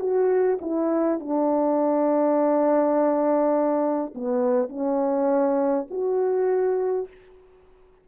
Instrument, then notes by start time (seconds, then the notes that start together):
horn
0.00 F#4
0.61 E4
1.20 D4
4.15 B3
4.70 C#4
5.91 F#4